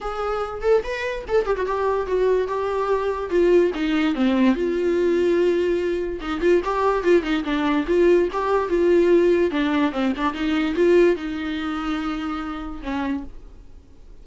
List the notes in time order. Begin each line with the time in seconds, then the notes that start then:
0.00 G#4
0.61 A4
0.83 B4
1.28 A4
1.45 G4
1.56 F#4
1.66 G4
2.06 F#4
2.47 G4
3.30 F4
3.74 D#4
4.14 C4
4.54 F4
6.21 D#4
6.40 F4
6.64 G4
7.03 F4
7.23 D#4
7.44 D4
7.87 F4
8.32 G4
8.68 F4
9.51 D4
9.92 C4
10.17 D4
10.33 D#4
10.75 F4
11.16 D#4
12.82 C#4